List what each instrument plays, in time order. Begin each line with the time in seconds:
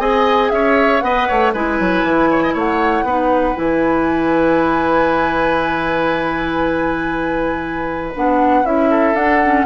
0.00 bassoon C4, clarinet G#4, oboe D#5, flute G#5
0.50 bassoon C#4, oboe C#5, flute E5
1.01 bassoon B3, clarinet B4, oboe D#5, flute F#5
1.28 bassoon A3, oboe C#5
1.53 bassoon G#3, clarinet E4, oboe B4, flute G#5
1.80 bassoon F#3
2.03 bassoon E3
2.31 oboe C#5
2.43 oboe D#5
2.54 bassoon A3, oboe C#5, flute F#5
3.03 bassoon B3, clarinet D#4, oboe B4
3.55 bassoon E3, clarinet E4, flute G#5
8.15 bassoon B3, clarinet D4, flute F#5
8.64 bassoon C#4, clarinet E4, flute E5
8.90 oboe A4
9.14 bassoon D4, clarinet D4, flute F#5
9.45 clarinet C#4